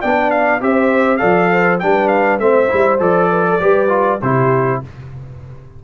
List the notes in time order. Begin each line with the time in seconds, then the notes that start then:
0.00 B3 D4 D5 G5
0.30 F5
0.60 C4 G4 C5 E5
1.17 F3 A4 D5 F5
1.52 C5
1.79 G3 D4 B4 G5
2.08 F5
2.39 A3 C4 C5 E5
2.68 G3 E4
2.99 F3 A4 D5
3.30 B4
3.49 A4
3.60 G3 G4 B4
3.88 F4
4.21 C3 E4 G4 C5